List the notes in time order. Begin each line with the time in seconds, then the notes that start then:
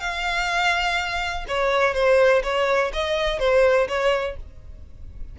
0.00 F5
1.48 C#5
1.94 C5
2.43 C#5
2.93 D#5
3.39 C5
3.88 C#5